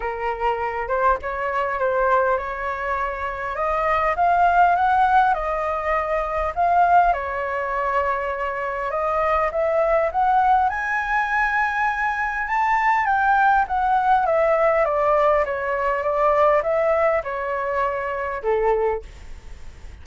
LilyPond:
\new Staff \with { instrumentName = "flute" } { \time 4/4 \tempo 4 = 101 ais'4. c''8 cis''4 c''4 | cis''2 dis''4 f''4 | fis''4 dis''2 f''4 | cis''2. dis''4 |
e''4 fis''4 gis''2~ | gis''4 a''4 g''4 fis''4 | e''4 d''4 cis''4 d''4 | e''4 cis''2 a'4 | }